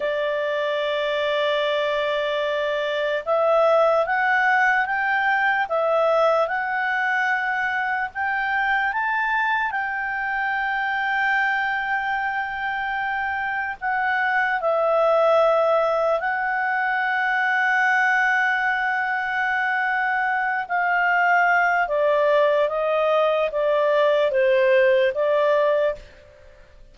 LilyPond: \new Staff \with { instrumentName = "clarinet" } { \time 4/4 \tempo 4 = 74 d''1 | e''4 fis''4 g''4 e''4 | fis''2 g''4 a''4 | g''1~ |
g''4 fis''4 e''2 | fis''1~ | fis''4. f''4. d''4 | dis''4 d''4 c''4 d''4 | }